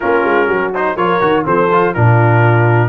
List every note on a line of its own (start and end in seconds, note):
0.00 0.24 A#3
0.00 0.73 C#4
0.00 0.46 F4
0.00 0.72 A#4
0.24 0.47 G#3
0.46 0.96 F#3
0.46 0.95 F#4
0.74 0.97 D#4
0.74 0.96 C5
0.96 1.20 F3
0.96 1.20 F4
0.96 1.44 A#4
0.96 1.44 C#5
1.20 1.45 D#3
1.20 1.44 F#4
1.44 1.95 F3
1.44 1.69 C4
1.44 1.93 A4
1.44 1.94 C5
1.71 1.95 F4
1.93 2.88 A#2
1.93 2.88 D4
1.93 2.88 F4
1.93 2.88 A#4